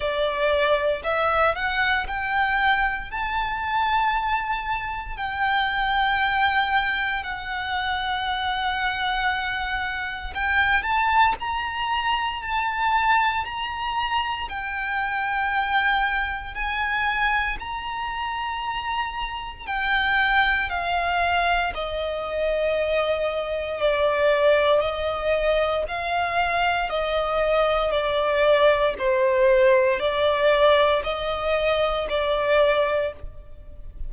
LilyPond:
\new Staff \with { instrumentName = "violin" } { \time 4/4 \tempo 4 = 58 d''4 e''8 fis''8 g''4 a''4~ | a''4 g''2 fis''4~ | fis''2 g''8 a''8 ais''4 | a''4 ais''4 g''2 |
gis''4 ais''2 g''4 | f''4 dis''2 d''4 | dis''4 f''4 dis''4 d''4 | c''4 d''4 dis''4 d''4 | }